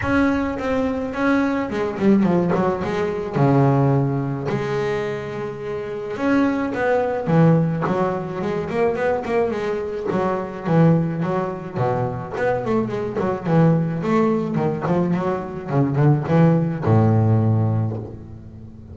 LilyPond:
\new Staff \with { instrumentName = "double bass" } { \time 4/4 \tempo 4 = 107 cis'4 c'4 cis'4 gis8 g8 | f8 fis8 gis4 cis2 | gis2. cis'4 | b4 e4 fis4 gis8 ais8 |
b8 ais8 gis4 fis4 e4 | fis4 b,4 b8 a8 gis8 fis8 | e4 a4 dis8 f8 fis4 | cis8 d8 e4 a,2 | }